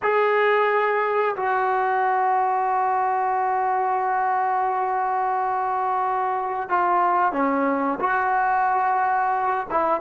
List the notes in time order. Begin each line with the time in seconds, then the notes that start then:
0.02 G#4
1.35 F#4
6.68 F4
7.32 C#4
8.00 F#4
9.70 E4